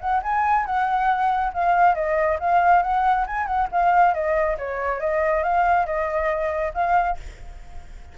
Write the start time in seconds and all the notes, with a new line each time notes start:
0.00 F#5
0.23 G#5
0.65 F#5
1.53 F5
1.95 D#5
2.39 F5
2.82 F#5
3.26 G#5
3.46 F#5
3.71 F5
4.13 D#5
4.58 C#5
5.00 D#5
5.43 F5
5.86 D#5
6.74 F5